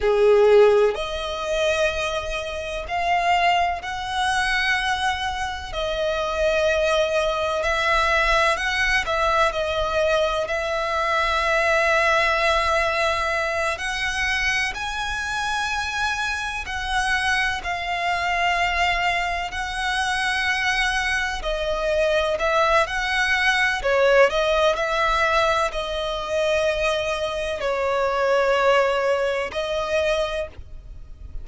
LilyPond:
\new Staff \with { instrumentName = "violin" } { \time 4/4 \tempo 4 = 63 gis'4 dis''2 f''4 | fis''2 dis''2 | e''4 fis''8 e''8 dis''4 e''4~ | e''2~ e''8 fis''4 gis''8~ |
gis''4. fis''4 f''4.~ | f''8 fis''2 dis''4 e''8 | fis''4 cis''8 dis''8 e''4 dis''4~ | dis''4 cis''2 dis''4 | }